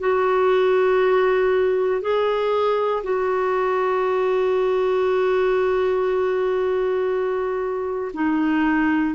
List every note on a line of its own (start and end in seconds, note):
0.00 2.02 F#4
2.02 3.03 G#4
3.04 8.12 F#4
8.14 9.15 D#4